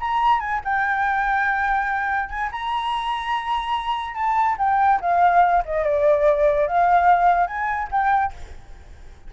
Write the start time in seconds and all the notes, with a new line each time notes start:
0.00 A#5
0.40 G#5
0.64 G5
2.29 G#5
2.52 A#5
4.14 A5
4.58 G5
5.01 F5
5.65 D#5
5.84 D5
6.67 F5
7.47 G#5
7.91 G5